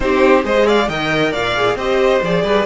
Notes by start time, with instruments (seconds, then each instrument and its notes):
0.00 cello C4, viola D#4, violin G4 C5
0.43 cello G#3, viola G#4, violin C5 D#5
0.66 violin D5 F5
0.88 cello D#3, viola A#4, violin D#5 G5
1.31 cello A#2, violin D5 F5
1.55 viola G#4
1.75 cello C4, viola G4, violin C5 D#5
2.22 cello F3, viola G#4, violin D5
2.43 cello G3, violin B4